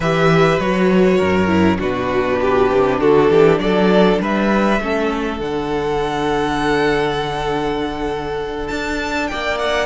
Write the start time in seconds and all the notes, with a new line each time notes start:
0.00 E3 G4 B4 E5
0.59 F#3 F#4 C#5
1.17 F#2 A#4
1.47 E4
1.79 B2 D4 F#4 B4
2.41 G4
2.71 C3
2.99 D3 F#4 A4
3.30 E3 G4
3.58 F#3 A4 D5
4.20 G3 B4 E5
4.79 A3 C#4 A4
5.39 D3 D4 F#5
8.67 D4 A5
9.27 A#3 D5 G5
9.58 F#5